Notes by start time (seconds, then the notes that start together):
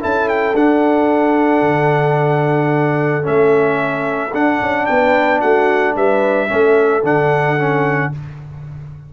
0.00 C#4 E4 A4 A5
0.28 G5
0.54 D4 F#5
1.62 D3
3.22 A3 C#4 E5
4.34 D4 F#5
4.61 C#4
4.86 B3 B4 G5
5.40 A3 F#4 F#5
5.96 G3 B4 E5
6.48 A3 C#4 A4
7.03 D3 D4 F#5
7.58 C#4